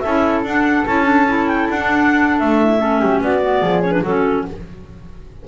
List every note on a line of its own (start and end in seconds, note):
0.00 2.60 A4
0.00 0.41 E5
0.06 0.44 C#4
0.06 0.46 E4
0.44 0.85 D4
0.44 0.87 D4
0.44 0.86 F#5
0.86 1.69 C#4
0.86 1.05 E4
0.86 1.48 A5
1.05 1.26 D4
1.28 1.78 E4
1.48 1.68 G5
1.70 2.41 D4
1.70 2.39 F#5
1.78 2.79 D4
2.39 3.02 A3
2.39 3.21 E5
2.64 2.81 E4
2.79 3.41 C#4
2.79 3.01 A4
3.01 3.21 F#3
3.01 3.22 G4
3.21 3.62 B3
3.21 3.63 F#4
3.21 3.82 D5
3.42 3.83 B3
3.62 4.04 F3
3.62 4.02 G#4
3.82 3.93 C#4
3.82 3.92 C#5
3.92 4.03 D4
3.92 4.02 B4
4.02 4.45 F#3
4.02 4.48 C#4
4.02 4.43 F#4
4.02 4.46 A4